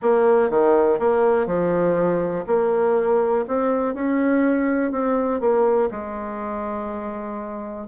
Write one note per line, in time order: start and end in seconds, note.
0.02 0.50 A#3
0.50 0.99 D#3
0.99 1.46 A#3
1.46 2.44 F3
2.46 3.45 A#3
3.47 3.94 C4
3.94 4.91 C#4
4.91 5.40 C4
5.40 5.89 A#3
5.90 7.87 G#3